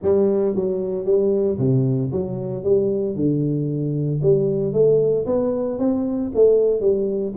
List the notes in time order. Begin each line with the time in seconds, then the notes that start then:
0.02 G3
0.55 F#3
1.05 G3
1.58 C3
2.11 F#3
2.63 G3
3.15 D3
4.22 G3
4.72 A3
5.26 B3
5.78 C4
6.34 A3
6.80 G3